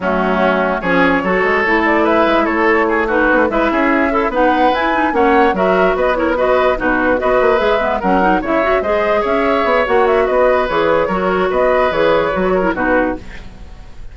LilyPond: <<
  \new Staff \with { instrumentName = "flute" } { \time 4/4 \tempo 4 = 146 fis'2 cis''2~ | cis''8 d''8 e''4 cis''4. b'8~ | b'8 e''2 fis''4 gis''8~ | gis''8 fis''4 e''4 dis''8 cis''8 dis''8~ |
dis''8 b'4 dis''4 e''4 fis''8~ | fis''8 e''4 dis''4 e''4. | fis''8 e''8 dis''4 cis''2 | dis''4 cis''2 b'4 | }
  \new Staff \with { instrumentName = "oboe" } { \time 4/4 cis'2 gis'4 a'4~ | a'4 b'4 a'4 gis'8 fis'8~ | fis'8 b'8 gis'4 e'8 b'4.~ | b'8 cis''4 ais'4 b'8 ais'8 b'8~ |
b'8 fis'4 b'2 ais'8~ | ais'8 cis''4 c''4 cis''4.~ | cis''4 b'2 ais'4 | b'2~ b'8 ais'8 fis'4 | }
  \new Staff \with { instrumentName = "clarinet" } { \time 4/4 a2 cis'4 fis'4 | e'2.~ e'8 dis'8~ | dis'8 e'4. a'8 dis'4 e'8 | dis'8 cis'4 fis'4. e'8 fis'8~ |
fis'8 dis'4 fis'4 gis'8 b8 cis'8 | dis'8 e'8 fis'8 gis'2~ gis'8 | fis'2 gis'4 fis'4~ | fis'4 gis'4 fis'8. e'16 dis'4 | }
  \new Staff \with { instrumentName = "bassoon" } { \time 4/4 fis2 f4 fis8 gis8 | a4. gis8 a2 | b16 a16 gis8 cis'4. b4 e'8~ | e'8 ais4 fis4 b4.~ |
b8 b,4 b8 ais8 gis4 fis8~ | fis8 cis4 gis4 cis'4 b8 | ais4 b4 e4 fis4 | b4 e4 fis4 b,4 | }
>>